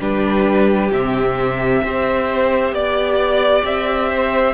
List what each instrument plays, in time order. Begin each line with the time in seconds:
0.00 cello G3, viola D4, violin G4 B4
0.92 cello C3, viola C4, violin E5
1.83 cello C4, viola G4, violin C5
2.72 cello B3, violin D5
3.64 cello C4, violin E5
4.09 violin C5